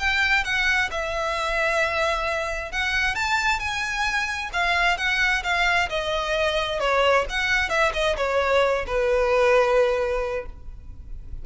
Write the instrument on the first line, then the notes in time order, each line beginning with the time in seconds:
violin
0.00 G5
0.45 F#5
0.92 E5
2.72 F#5
3.15 A5
3.60 G#5
4.54 F5
4.98 F#5
5.44 F5
5.90 D#5
6.80 C#5
7.30 F#5
7.70 E5
7.94 D#5
8.18 C#5
8.87 B4